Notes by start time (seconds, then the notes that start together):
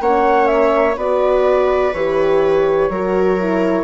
0.00 A#3 C#4 C#5 F#5
0.46 E5
0.96 B3 F#4 B4 D5
1.93 E3 G4 C#5
2.89 F#3 F#4 A#4
3.39 E4